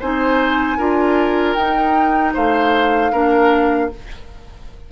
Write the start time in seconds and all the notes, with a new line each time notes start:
0.00 C4 D#4 C5 G#5
0.78 D4 F4 A#4
1.55 D#4 G5
2.34 A3 C5 F5
3.12 A#3 D4 A#4